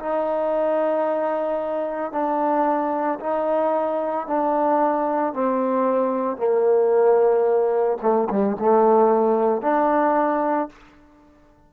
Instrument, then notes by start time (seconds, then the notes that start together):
trombone
0.00 D#4
2.12 D4
3.20 D#4
4.28 D4
5.34 C4
6.37 A#3
8.03 A3
8.30 G3
8.60 A3
9.62 D4